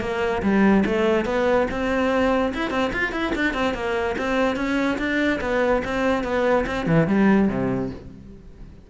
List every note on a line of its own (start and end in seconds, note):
0.00 0.41 A#3
0.42 0.84 G3
0.85 1.25 A3
1.25 1.66 B3
1.70 2.53 C4
2.54 2.70 E4
2.70 2.91 C4
2.92 3.12 F4
3.12 3.32 E4
3.35 3.53 D4
3.53 3.74 C4
3.74 4.15 A#3
4.18 4.56 C4
4.56 4.97 C#4
4.98 5.39 D4
5.41 5.82 B3
5.84 6.23 C4
6.23 6.65 B3
6.66 6.86 C4
6.86 7.07 E3
7.07 7.48 G3
7.48 7.89 C3